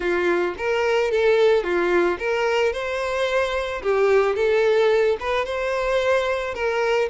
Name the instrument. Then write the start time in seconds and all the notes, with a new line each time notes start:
violin
0.00 F4
0.57 A#4
1.11 A4
1.63 F4
2.18 A#4
2.72 C5
3.82 G4
4.35 A4
5.19 B4
5.45 C5
6.54 A#4